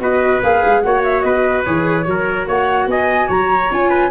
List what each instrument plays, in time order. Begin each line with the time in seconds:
0.00 tuba B3, viola F#4, trumpet B4, flute D#5
0.43 tuba A#3, viola G#4, flute F5
0.66 tuba G#3
0.82 tuba A#3, viola F#4, trumpet C#5, flute F#5
1.04 flute E5
1.22 tuba B3, trumpet B4, flute D#5
1.65 tuba E3, viola G#4, flute C#5
2.05 tuba F#3, viola F#4, trumpet A#4
2.48 tuba A#3, trumpet C#5, flute F#5
2.87 tuba B3, trumpet D#5, flute G#5
3.28 tuba F#3, trumpet C#5, flute A#5
3.71 tuba C#4, viola F4, flute G#5
3.90 trumpet B4